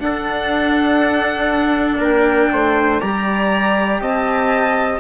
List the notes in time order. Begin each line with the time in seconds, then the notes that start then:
0.00 D4 A4 F#5
1.99 A#3 A#4 G5
2.53 A3 C5
3.01 G3 G4 D5 A#5
4.01 C4 D#5 A5